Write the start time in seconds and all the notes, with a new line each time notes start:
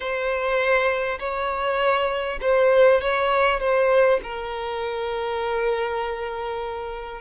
0.00 C5
1.19 C#5
2.41 C5
3.01 C#5
3.60 C5
4.23 A#4